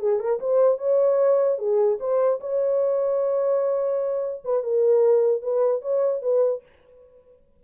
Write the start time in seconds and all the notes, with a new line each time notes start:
0.00 G#4
0.20 A#4
0.40 C5
0.78 C#5
1.59 G#4
2.00 C5
2.41 C#5
4.45 B4
4.63 A#4
5.42 B4
5.82 C#5
6.23 B4